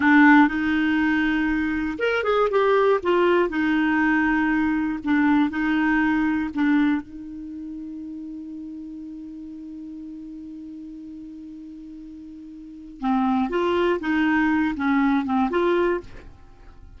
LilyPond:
\new Staff \with { instrumentName = "clarinet" } { \time 4/4 \tempo 4 = 120 d'4 dis'2. | ais'8 gis'8 g'4 f'4 dis'4~ | dis'2 d'4 dis'4~ | dis'4 d'4 dis'2~ |
dis'1~ | dis'1~ | dis'2 c'4 f'4 | dis'4. cis'4 c'8 f'4 | }